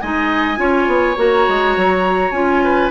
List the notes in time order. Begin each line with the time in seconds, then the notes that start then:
0.00 G#3 D#4 D#5 G#5
0.57 C#4 F4 C#5
0.87 B3
1.17 A#3 F#4 A#5
1.49 G#3
1.76 F#3
2.32 C#4 F4 G#5
2.64 B4